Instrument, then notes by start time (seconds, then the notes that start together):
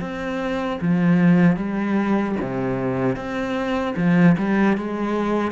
cello
0.00 C4
0.81 F3
1.56 G3
2.41 C3
3.16 C4
3.96 F3
4.37 G3
4.77 G#3